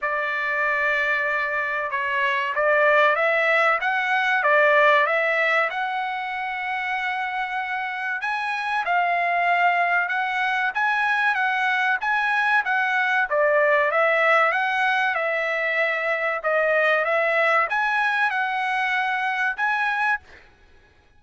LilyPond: \new Staff \with { instrumentName = "trumpet" } { \time 4/4 \tempo 4 = 95 d''2. cis''4 | d''4 e''4 fis''4 d''4 | e''4 fis''2.~ | fis''4 gis''4 f''2 |
fis''4 gis''4 fis''4 gis''4 | fis''4 d''4 e''4 fis''4 | e''2 dis''4 e''4 | gis''4 fis''2 gis''4 | }